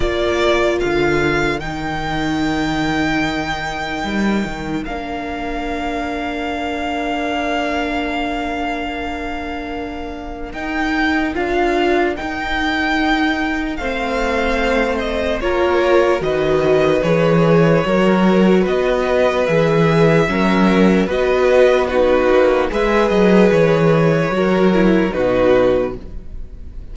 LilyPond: <<
  \new Staff \with { instrumentName = "violin" } { \time 4/4 \tempo 4 = 74 d''4 f''4 g''2~ | g''2 f''2~ | f''1~ | f''4 g''4 f''4 g''4~ |
g''4 f''4. dis''8 cis''4 | dis''4 cis''2 dis''4 | e''2 dis''4 b'4 | e''8 dis''8 cis''2 b'4 | }
  \new Staff \with { instrumentName = "violin" } { \time 4/4 ais'1~ | ais'1~ | ais'1~ | ais'1~ |
ais'4 c''2 ais'4 | b'2 ais'4 b'4~ | b'4 ais'4 b'4 fis'4 | b'2 ais'4 fis'4 | }
  \new Staff \with { instrumentName = "viola" } { \time 4/4 f'2 dis'2~ | dis'2 d'2~ | d'1~ | d'4 dis'4 f'4 dis'4~ |
dis'4 c'2 f'4 | fis'4 gis'4 fis'2 | gis'4 cis'4 fis'4 dis'4 | gis'2 fis'8 e'8 dis'4 | }
  \new Staff \with { instrumentName = "cello" } { \time 4/4 ais4 d4 dis2~ | dis4 g8 dis8 ais2~ | ais1~ | ais4 dis'4 d'4 dis'4~ |
dis'4 a2 ais4 | dis4 e4 fis4 b4 | e4 fis4 b4. ais8 | gis8 fis8 e4 fis4 b,4 | }
>>